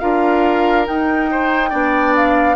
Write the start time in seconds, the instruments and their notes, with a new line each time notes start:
0.00 bassoon D4, clarinet F4, oboe A#4, flute F5
0.86 clarinet D#4, bassoon D#4, flute G5
1.31 oboe C5
1.70 bassoon B3, clarinet D4, oboe D5
2.16 flute F5